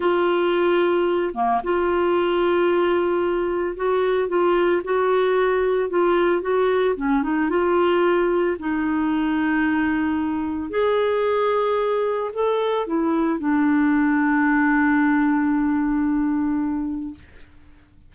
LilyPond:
\new Staff \with { instrumentName = "clarinet" } { \time 4/4 \tempo 4 = 112 f'2~ f'8 ais8 f'4~ | f'2. fis'4 | f'4 fis'2 f'4 | fis'4 cis'8 dis'8 f'2 |
dis'1 | gis'2. a'4 | e'4 d'2.~ | d'1 | }